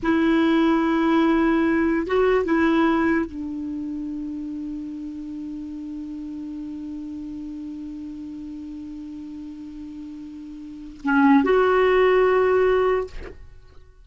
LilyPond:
\new Staff \with { instrumentName = "clarinet" } { \time 4/4 \tempo 4 = 147 e'1~ | e'4 fis'4 e'2 | d'1~ | d'1~ |
d'1~ | d'1~ | d'2. cis'4 | fis'1 | }